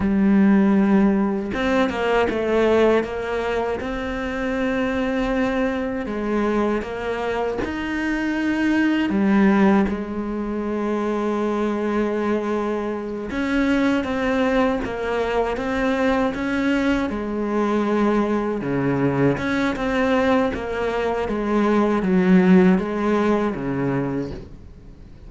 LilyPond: \new Staff \with { instrumentName = "cello" } { \time 4/4 \tempo 4 = 79 g2 c'8 ais8 a4 | ais4 c'2. | gis4 ais4 dis'2 | g4 gis2.~ |
gis4. cis'4 c'4 ais8~ | ais8 c'4 cis'4 gis4.~ | gis8 cis4 cis'8 c'4 ais4 | gis4 fis4 gis4 cis4 | }